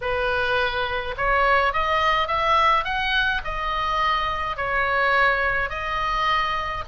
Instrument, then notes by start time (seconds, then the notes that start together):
oboe
0.01 B4
1.17 C#5
1.73 D#5
2.27 E5
2.84 F#5
3.44 D#5
4.56 C#5
5.69 D#5